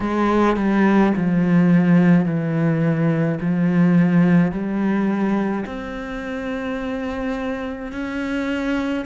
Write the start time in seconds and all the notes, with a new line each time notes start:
0.00 G#3
0.56 G3
1.16 F3
2.25 E3
3.41 F3
4.51 G3
5.65 C4
7.92 C#4